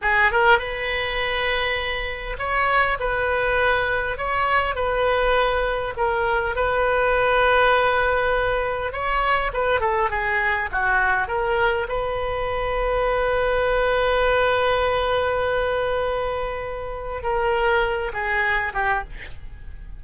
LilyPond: \new Staff \with { instrumentName = "oboe" } { \time 4/4 \tempo 4 = 101 gis'8 ais'8 b'2. | cis''4 b'2 cis''4 | b'2 ais'4 b'4~ | b'2. cis''4 |
b'8 a'8 gis'4 fis'4 ais'4 | b'1~ | b'1~ | b'4 ais'4. gis'4 g'8 | }